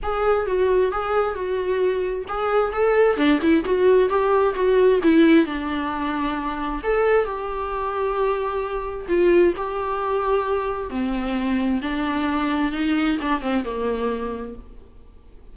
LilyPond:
\new Staff \with { instrumentName = "viola" } { \time 4/4 \tempo 4 = 132 gis'4 fis'4 gis'4 fis'4~ | fis'4 gis'4 a'4 d'8 e'8 | fis'4 g'4 fis'4 e'4 | d'2. a'4 |
g'1 | f'4 g'2. | c'2 d'2 | dis'4 d'8 c'8 ais2 | }